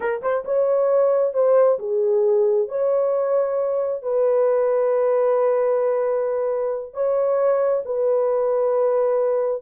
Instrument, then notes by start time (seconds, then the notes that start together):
horn
0.00 A#4
0.21 C5
0.45 C#5
1.33 C5
1.78 G#4
2.68 C#5
4.02 B4
6.93 C#5
7.85 B4